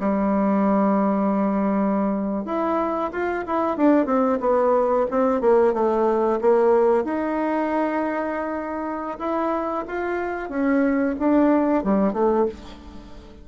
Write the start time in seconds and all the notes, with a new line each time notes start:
0.00 G3
2.45 E4
3.12 F4
3.47 E4
3.77 D4
4.06 C4
4.40 B3
5.11 C4
5.41 A#3
5.74 A3
6.41 A#3
7.04 D#4
9.19 E4
9.88 F4
10.50 C#4
11.19 D4
11.84 G3
12.13 A3